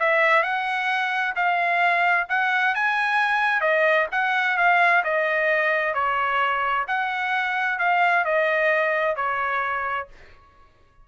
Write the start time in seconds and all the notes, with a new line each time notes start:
0.00 E5
0.43 F#5
1.36 F5
2.29 F#5
2.75 G#5
3.61 D#5
4.12 F#5
4.58 F5
5.04 D#5
5.94 C#5
6.88 F#5
7.79 F5
8.25 D#5
9.16 C#5